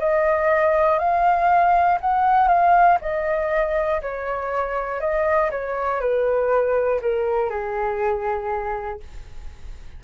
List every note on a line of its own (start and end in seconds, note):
0.00 1.00 D#5
1.00 2.00 F5
2.01 2.49 F#5
2.49 2.98 F5
3.01 4.01 D#5
4.02 5.01 C#5
5.01 5.51 D#5
5.51 6.01 C#5
6.01 7.01 B4
7.02 7.51 A#4
7.51 9.01 G#4